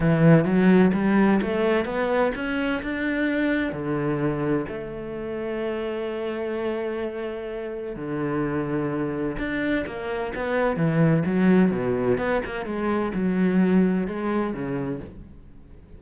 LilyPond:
\new Staff \with { instrumentName = "cello" } { \time 4/4 \tempo 4 = 128 e4 fis4 g4 a4 | b4 cis'4 d'2 | d2 a2~ | a1~ |
a4 d2. | d'4 ais4 b4 e4 | fis4 b,4 b8 ais8 gis4 | fis2 gis4 cis4 | }